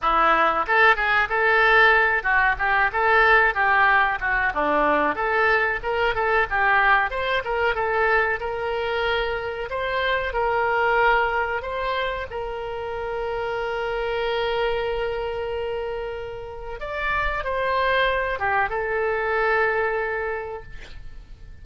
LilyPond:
\new Staff \with { instrumentName = "oboe" } { \time 4/4 \tempo 4 = 93 e'4 a'8 gis'8 a'4. fis'8 | g'8 a'4 g'4 fis'8 d'4 | a'4 ais'8 a'8 g'4 c''8 ais'8 | a'4 ais'2 c''4 |
ais'2 c''4 ais'4~ | ais'1~ | ais'2 d''4 c''4~ | c''8 g'8 a'2. | }